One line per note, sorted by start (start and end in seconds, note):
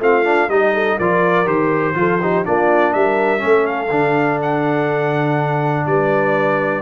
0.00 0.49 A3
0.00 0.25 C4
0.00 0.50 F4
0.00 0.50 F5
0.25 0.49 D4
0.49 0.98 G3
0.49 1.00 D#4
0.49 0.74 G4
0.49 0.99 D#5
0.74 0.97 A4
0.97 1.46 F3
0.97 1.46 F4
0.97 1.95 A#4
0.97 1.48 D5
1.46 1.95 D#3
1.46 1.95 G4
1.46 2.46 C5
1.95 2.45 F3
1.95 2.19 F4
1.95 2.21 A4
2.21 2.46 D#4
2.21 2.45 G4
2.45 2.95 A#3
2.45 3.39 D4
2.45 2.94 F4
2.45 2.94 D5
2.94 3.43 G3
2.94 3.43 A#4
2.94 3.67 E5
3.39 3.91 A3
3.39 3.88 C#4
3.39 5.86 A4
3.67 4.40 F5
3.91 5.86 D3
3.91 6.82 D4
4.42 5.87 F#5
5.87 6.82 G3
5.87 6.82 B4
5.87 6.82 D5